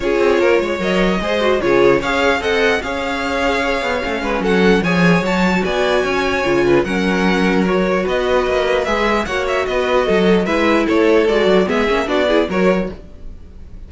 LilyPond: <<
  \new Staff \with { instrumentName = "violin" } { \time 4/4 \tempo 4 = 149 cis''2 dis''2 | cis''4 f''4 fis''4 f''4~ | f''2. fis''4 | gis''4 a''4 gis''2~ |
gis''4 fis''2 cis''4 | dis''2 e''4 fis''8 e''8 | dis''2 e''4 cis''4 | d''4 e''4 d''4 cis''4 | }
  \new Staff \with { instrumentName = "violin" } { \time 4/4 gis'4 ais'8 cis''4. c''4 | gis'4 cis''4 dis''4 cis''4~ | cis''2~ cis''8 b'8 a'4 | cis''2 d''4 cis''4~ |
cis''8 b'8 ais'2. | b'2. cis''4 | b'4 a'4 b'4 a'4~ | a'4 gis'4 fis'8 gis'8 ais'4 | }
  \new Staff \with { instrumentName = "viola" } { \time 4/4 f'2 ais'4 gis'8 fis'8 | f'4 gis'4 a'4 gis'4~ | gis'2 cis'2 | gis'4 fis'2. |
f'4 cis'2 fis'4~ | fis'2 gis'4 fis'4~ | fis'2 e'2 | fis'4 b8 cis'8 d'8 e'8 fis'4 | }
  \new Staff \with { instrumentName = "cello" } { \time 4/4 cis'8 c'8 ais8 gis8 fis4 gis4 | cis4 cis'4 c'4 cis'4~ | cis'4. b8 a8 gis8 fis4 | f4 fis4 b4 cis'4 |
cis4 fis2. | b4 ais4 gis4 ais4 | b4 fis4 gis4 a4 | gis8 fis8 gis8 ais8 b4 fis4 | }
>>